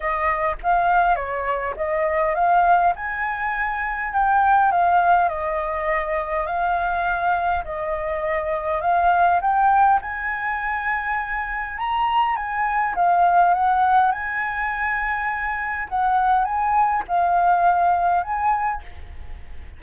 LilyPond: \new Staff \with { instrumentName = "flute" } { \time 4/4 \tempo 4 = 102 dis''4 f''4 cis''4 dis''4 | f''4 gis''2 g''4 | f''4 dis''2 f''4~ | f''4 dis''2 f''4 |
g''4 gis''2. | ais''4 gis''4 f''4 fis''4 | gis''2. fis''4 | gis''4 f''2 gis''4 | }